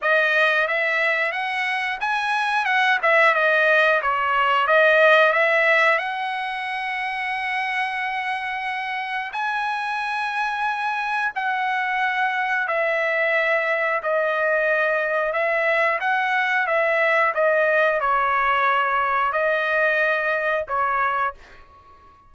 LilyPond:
\new Staff \with { instrumentName = "trumpet" } { \time 4/4 \tempo 4 = 90 dis''4 e''4 fis''4 gis''4 | fis''8 e''8 dis''4 cis''4 dis''4 | e''4 fis''2.~ | fis''2 gis''2~ |
gis''4 fis''2 e''4~ | e''4 dis''2 e''4 | fis''4 e''4 dis''4 cis''4~ | cis''4 dis''2 cis''4 | }